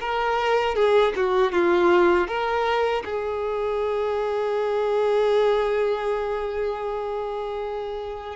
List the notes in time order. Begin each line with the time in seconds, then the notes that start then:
0.00 A#4
0.75 G#4
1.16 F#4
1.52 F4
2.28 A#4
3.05 G#4